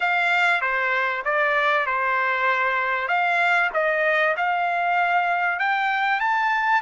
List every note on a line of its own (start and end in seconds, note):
0.00 0.61 F5
0.61 1.23 C5
1.25 1.86 D5
1.86 3.08 C5
3.08 3.70 F5
3.73 4.35 D#5
4.36 5.59 F5
5.59 6.20 G5
6.20 6.81 A5